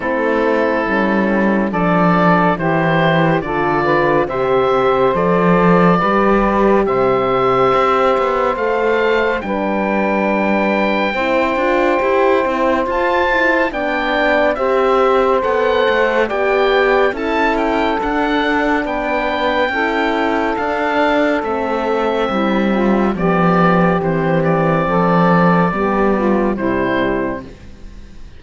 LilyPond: <<
  \new Staff \with { instrumentName = "oboe" } { \time 4/4 \tempo 4 = 70 a'2 d''4 c''4 | d''4 e''4 d''2 | e''2 f''4 g''4~ | g''2. a''4 |
g''4 e''4 fis''4 g''4 | a''8 g''8 fis''4 g''2 | f''4 e''2 d''4 | c''8 d''2~ d''8 c''4 | }
  \new Staff \with { instrumentName = "saxophone" } { \time 4/4 e'2 a'4 g'4 | a'8 b'8 c''2 b'4 | c''2. b'4~ | b'4 c''2. |
d''4 c''2 d''4 | a'2 b'4 a'4~ | a'2 e'8 f'8 g'4~ | g'4 a'4 g'8 f'8 e'4 | }
  \new Staff \with { instrumentName = "horn" } { \time 4/4 c'4 cis'4 d'4 e'4 | f'4 g'4 a'4 g'4~ | g'2 a'4 d'4~ | d'4 e'8 f'8 g'8 e'8 f'8 e'8 |
d'4 g'4 a'4 g'4 | e'4 d'2 e'4 | d'4 c'2 b4 | c'2 b4 g4 | }
  \new Staff \with { instrumentName = "cello" } { \time 4/4 a4 g4 f4 e4 | d4 c4 f4 g4 | c4 c'8 b8 a4 g4~ | g4 c'8 d'8 e'8 c'8 f'4 |
b4 c'4 b8 a8 b4 | cis'4 d'4 b4 cis'4 | d'4 a4 g4 f4 | e4 f4 g4 c4 | }
>>